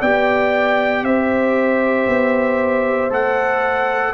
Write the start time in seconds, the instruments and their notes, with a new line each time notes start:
0.00 tuba B3, trombone G4, horn D5, trumpet G5
1.03 tuba C4, horn C5, trumpet E5
2.07 tuba B3
3.10 tuba A3, trombone A4, trumpet F#5